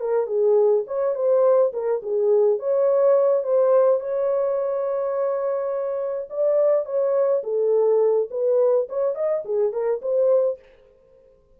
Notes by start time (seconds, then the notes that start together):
0.00 A#4
0.26 G#4
0.87 C#5
1.15 C5
1.72 A#4
2.02 G#4
2.59 C#5
3.43 C5
4.00 C#5
6.30 D5
6.85 C#5
7.43 A4
8.30 B4
8.89 C#5
9.15 D#5
9.45 G#4
9.72 A#4
10.02 C5